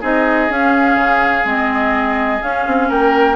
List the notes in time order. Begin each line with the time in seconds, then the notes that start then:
0.00 C4 D#4 G#4 D#5
0.49 C#4 F5
0.95 C#3
1.44 G#3 C4 D#5
2.41 C#4 F5
2.66 C4
2.88 A#3 A#4 G5